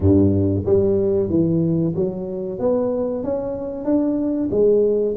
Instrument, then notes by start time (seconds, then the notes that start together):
tuba
0.00 G2
0.65 G3
1.29 E3
1.95 F#3
2.59 B3
3.23 C#4
3.84 D4
4.51 G#3